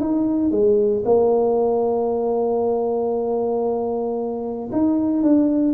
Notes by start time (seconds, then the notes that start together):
0.00 D#4
0.51 G#3
1.05 A#3
4.72 D#4
5.23 D4